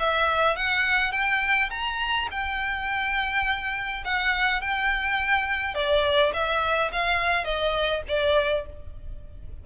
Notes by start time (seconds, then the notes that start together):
0.00 E5
0.57 F#5
1.12 G5
1.70 A#5
2.31 G5
4.05 F#5
4.62 G5
5.75 D5
6.34 E5
6.93 F5
7.45 D#5
8.09 D5